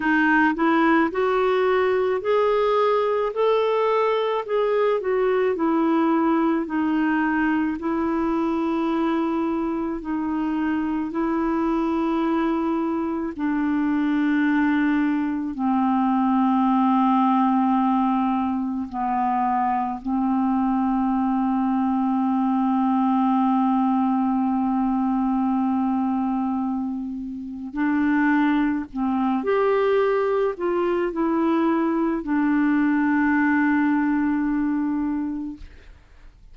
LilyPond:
\new Staff \with { instrumentName = "clarinet" } { \time 4/4 \tempo 4 = 54 dis'8 e'8 fis'4 gis'4 a'4 | gis'8 fis'8 e'4 dis'4 e'4~ | e'4 dis'4 e'2 | d'2 c'2~ |
c'4 b4 c'2~ | c'1~ | c'4 d'4 c'8 g'4 f'8 | e'4 d'2. | }